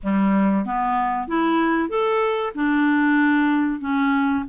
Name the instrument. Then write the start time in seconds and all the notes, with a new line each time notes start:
clarinet
0.03 G3
0.65 B3
1.27 E4
1.89 A4
2.54 D4
3.80 C#4